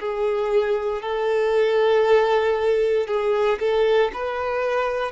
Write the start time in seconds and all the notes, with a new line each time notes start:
0.00 G#4
1.03 A4
3.08 G#4
3.60 A4
4.14 B4